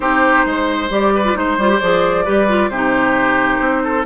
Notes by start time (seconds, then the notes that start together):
0.00 C4 D#4 G4 C5
0.45 G#3 C5
0.89 G3 G4 D5
1.14 B4
1.24 F4
1.34 G#3 D#4 C5
1.57 G3 F4
1.69 G4
1.79 F3 G#4 D5
2.24 G3 G4 B4
2.48 F4
2.69 C3 D#4 G4 C5
3.59 C4
3.83 A4